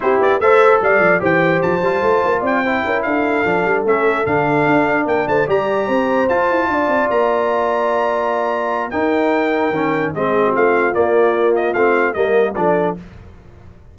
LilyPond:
<<
  \new Staff \with { instrumentName = "trumpet" } { \time 4/4 \tempo 4 = 148 c''8 d''8 e''4 f''4 g''4 | a''2 g''4. f''8~ | f''4. e''4 f''4.~ | f''8 g''8 a''8 ais''2 a''8~ |
a''4. ais''2~ ais''8~ | ais''2 g''2~ | g''4 dis''4 f''4 d''4~ | d''8 dis''8 f''4 dis''4 d''4 | }
  \new Staff \with { instrumentName = "horn" } { \time 4/4 g'4 c''4 d''4 c''4~ | c''2 d''8 c''8 ais'8 a'8~ | a'1~ | a'8 ais'8 c''8 d''4 c''4.~ |
c''8 d''2.~ d''8~ | d''2 ais'2~ | ais'4 gis'8. fis'16 f'2~ | f'2 ais'4 a'4 | }
  \new Staff \with { instrumentName = "trombone" } { \time 4/4 e'4 a'2 g'4~ | g'8 f'2 e'4.~ | e'8 d'4 cis'4 d'4.~ | d'4. g'2 f'8~ |
f'1~ | f'2 dis'2 | cis'4 c'2 ais4~ | ais4 c'4 ais4 d'4 | }
  \new Staff \with { instrumentName = "tuba" } { \time 4/4 c'8 b8 a4 g8 f8 e4 | f8 g8 a8 ais8 c'4 cis'8 d'8~ | d'8 f8 g8 a4 d4 d'8~ | d'8 ais8 a8 g4 c'4 f'8 |
e'8 d'8 c'8 ais2~ ais8~ | ais2 dis'2 | dis4 gis4 a4 ais4~ | ais4 a4 g4 f4 | }
>>